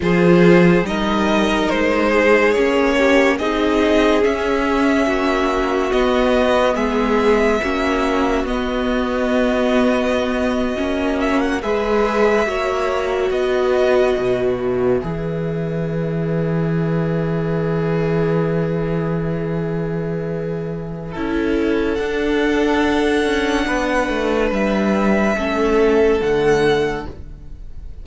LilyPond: <<
  \new Staff \with { instrumentName = "violin" } { \time 4/4 \tempo 4 = 71 c''4 dis''4 c''4 cis''4 | dis''4 e''2 dis''4 | e''2 dis''2~ | dis''4~ dis''16 e''16 fis''16 e''2 dis''16~ |
dis''4~ dis''16 e''2~ e''8.~ | e''1~ | e''2 fis''2~ | fis''4 e''2 fis''4 | }
  \new Staff \with { instrumentName = "violin" } { \time 4/4 gis'4 ais'4. gis'4 g'8 | gis'2 fis'2 | gis'4 fis'2.~ | fis'4.~ fis'16 b'4 cis''4 b'16~ |
b'1~ | b'1~ | b'4 a'2. | b'2 a'2 | }
  \new Staff \with { instrumentName = "viola" } { \time 4/4 f'4 dis'2 cis'4 | dis'4 cis'2 b4~ | b4 cis'4 b2~ | b8. cis'4 gis'4 fis'4~ fis'16~ |
fis'4.~ fis'16 gis'2~ gis'16~ | gis'1~ | gis'4 e'4 d'2~ | d'2 cis'4 a4 | }
  \new Staff \with { instrumentName = "cello" } { \time 4/4 f4 g4 gis4 ais4 | c'4 cis'4 ais4 b4 | gis4 ais4 b2~ | b8. ais4 gis4 ais4 b16~ |
b8. b,4 e2~ e16~ | e1~ | e4 cis'4 d'4. cis'8 | b8 a8 g4 a4 d4 | }
>>